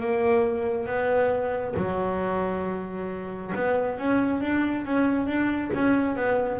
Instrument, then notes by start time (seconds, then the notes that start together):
double bass
0.00 A#3
0.86 B3
1.76 F#3
3.55 B3
3.98 C#4
4.41 D4
4.85 C#4
5.26 D4
5.74 C#4
6.16 B3